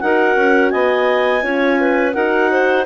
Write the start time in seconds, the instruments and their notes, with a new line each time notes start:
0.00 bassoon D#4, horn F#4, clarinet A#4 F#5
0.35 bassoon C#4
0.70 bassoon B3, clarinet D#5 G#5
1.41 bassoon C#4, horn F4, clarinet C#5
1.79 clarinet B4
2.13 bassoon D#4, horn F#4, clarinet A#4 F#5
2.51 clarinet C5